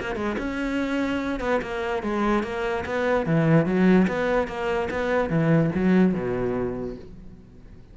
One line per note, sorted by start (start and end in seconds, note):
0.00 0.16 A#3
0.16 0.36 G#3
0.38 1.40 C#4
1.40 1.61 B3
1.62 2.03 A#3
2.03 2.43 G#3
2.43 2.84 A#3
2.86 3.26 B3
3.26 3.66 E3
3.66 4.07 F#3
4.07 4.48 B3
4.48 4.89 A#3
4.91 5.29 B3
5.29 5.70 E3
5.75 6.14 F#3
6.14 6.96 B2